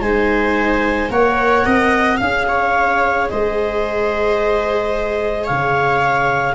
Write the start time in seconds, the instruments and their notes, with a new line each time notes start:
0.00 tuba G#3, viola D#4 C5, clarinet G#5
1.09 tuba A#3, viola A#4 C#5, clarinet F#5
1.65 tuba C4, viola D#5
2.17 tuba C#4, viola G#4 F5, clarinet F5
2.48 viola C#5
3.29 tuba G#3, viola C5, clarinet D#5
5.44 viola C#5, clarinet F5
5.50 tuba C#3